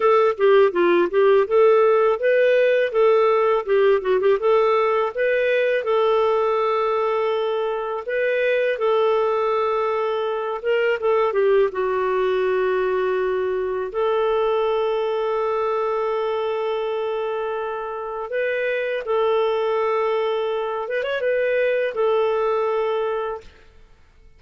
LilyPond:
\new Staff \with { instrumentName = "clarinet" } { \time 4/4 \tempo 4 = 82 a'8 g'8 f'8 g'8 a'4 b'4 | a'4 g'8 fis'16 g'16 a'4 b'4 | a'2. b'4 | a'2~ a'8 ais'8 a'8 g'8 |
fis'2. a'4~ | a'1~ | a'4 b'4 a'2~ | a'8 b'16 cis''16 b'4 a'2 | }